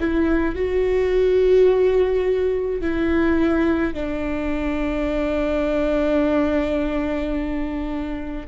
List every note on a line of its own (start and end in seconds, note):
0.00 0.55 E4
0.55 2.81 F#4
2.81 3.94 E4
3.94 8.46 D4